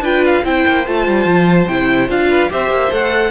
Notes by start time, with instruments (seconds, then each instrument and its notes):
0.00 cello D4, viola F4, violin B4 G5
0.25 violin F5
0.44 cello C4, viola E4, violin C5 G5
0.67 cello A#3
0.86 cello A3, viola F4, violin A5
1.07 cello G3
1.25 cello F3
1.67 cello C3, viola E4, violin G5
2.08 cello D4, viola F4, violin F5
2.29 violin B4
2.49 cello C4, viola G4, violin C5 E5
2.70 cello A#3
2.90 cello A3, viola A4, violin F#5